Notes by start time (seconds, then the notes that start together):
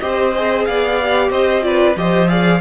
0.00 C4 G4 C5 D#5
0.36 G#4
0.65 B3 D5 F5
1.02 G4
1.30 C4 C5 D#5
1.62 F4 B4 D5
1.96 F3 G4 C5 D#5
2.29 G#4 D5 F5